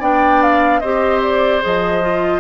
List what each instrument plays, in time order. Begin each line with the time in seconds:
0.00 bassoon B3, clarinet D4, oboe D5, flute G5
0.42 flute F5
0.80 bassoon C4, clarinet G4, oboe C5, flute D#5
1.22 flute D5
1.61 bassoon F3, clarinet G#4, flute D#5
2.01 clarinet F4